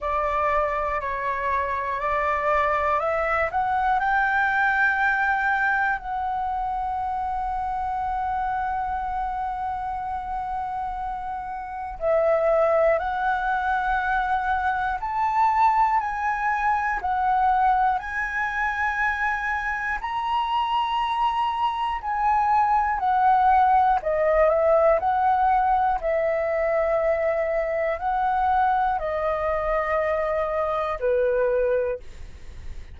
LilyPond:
\new Staff \with { instrumentName = "flute" } { \time 4/4 \tempo 4 = 60 d''4 cis''4 d''4 e''8 fis''8 | g''2 fis''2~ | fis''1 | e''4 fis''2 a''4 |
gis''4 fis''4 gis''2 | ais''2 gis''4 fis''4 | dis''8 e''8 fis''4 e''2 | fis''4 dis''2 b'4 | }